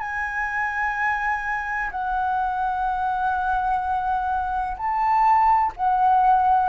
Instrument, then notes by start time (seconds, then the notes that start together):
flute
0.00 G#5
1.91 F#5
4.77 A5
5.77 F#5